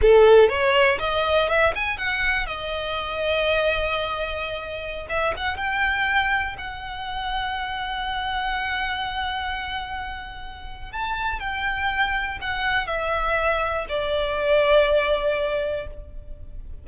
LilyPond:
\new Staff \with { instrumentName = "violin" } { \time 4/4 \tempo 4 = 121 a'4 cis''4 dis''4 e''8 gis''8 | fis''4 dis''2.~ | dis''2~ dis''16 e''8 fis''8 g''8.~ | g''4~ g''16 fis''2~ fis''8.~ |
fis''1~ | fis''2 a''4 g''4~ | g''4 fis''4 e''2 | d''1 | }